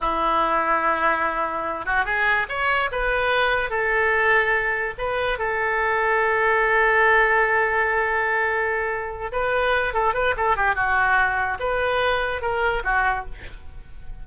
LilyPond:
\new Staff \with { instrumentName = "oboe" } { \time 4/4 \tempo 4 = 145 e'1~ | e'8 fis'8 gis'4 cis''4 b'4~ | b'4 a'2. | b'4 a'2.~ |
a'1~ | a'2~ a'8 b'4. | a'8 b'8 a'8 g'8 fis'2 | b'2 ais'4 fis'4 | }